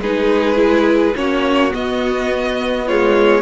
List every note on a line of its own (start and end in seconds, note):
0.00 1.14 G#3
0.00 0.55 D#4
0.00 1.16 G#4
0.00 1.16 B4
0.55 1.12 E4
1.15 1.72 A#3
1.15 1.70 C#4
1.15 2.87 F#4
1.15 1.73 C#5
1.70 2.84 B3
1.70 3.41 B3
1.70 2.87 D#5
2.87 3.41 G#3
2.87 3.41 F4
2.87 3.41 C#5